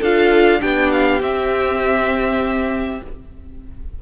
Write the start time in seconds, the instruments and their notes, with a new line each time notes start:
0.00 cello D4, viola F4, violin A4 F5
0.60 cello B3, viola D4, violin G4 G5
0.92 violin F5
1.21 cello C4, viola C4, violin E5